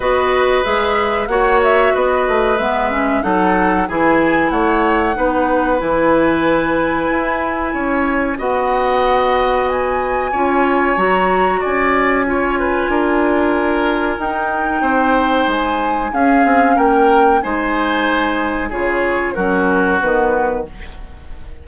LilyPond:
<<
  \new Staff \with { instrumentName = "flute" } { \time 4/4 \tempo 4 = 93 dis''4 e''4 fis''8 e''8 dis''4 | e''4 fis''4 gis''4 fis''4~ | fis''4 gis''2.~ | gis''4 fis''2 gis''4~ |
gis''4 ais''4 gis''2~ | gis''2 g''2 | gis''4 f''4 g''4 gis''4~ | gis''4 cis''4 ais'4 b'4 | }
  \new Staff \with { instrumentName = "oboe" } { \time 4/4 b'2 cis''4 b'4~ | b'4 a'4 gis'4 cis''4 | b'1 | cis''4 dis''2. |
cis''2 d''4 cis''8 b'8 | ais'2. c''4~ | c''4 gis'4 ais'4 c''4~ | c''4 gis'4 fis'2 | }
  \new Staff \with { instrumentName = "clarinet" } { \time 4/4 fis'4 gis'4 fis'2 | b8 cis'8 dis'4 e'2 | dis'4 e'2.~ | e'4 fis'2. |
f'4 fis'2 f'4~ | f'2 dis'2~ | dis'4 cis'2 dis'4~ | dis'4 f'4 cis'4 b4 | }
  \new Staff \with { instrumentName = "bassoon" } { \time 4/4 b4 gis4 ais4 b8 a8 | gis4 fis4 e4 a4 | b4 e2 e'4 | cis'4 b2. |
cis'4 fis4 cis'2 | d'2 dis'4 c'4 | gis4 cis'8 c'8 ais4 gis4~ | gis4 cis4 fis4 dis4 | }
>>